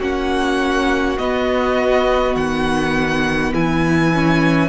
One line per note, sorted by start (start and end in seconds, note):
0.00 1.18 A#3
0.00 1.18 C#4
0.00 3.53 F#4
0.00 1.18 F#5
1.18 4.13 B3
1.18 2.36 B3
1.18 2.36 D#5
2.36 3.53 D#3
2.36 3.53 F#5
3.53 4.69 E3
3.53 4.69 E4
3.53 4.69 G#5
4.13 4.69 C#4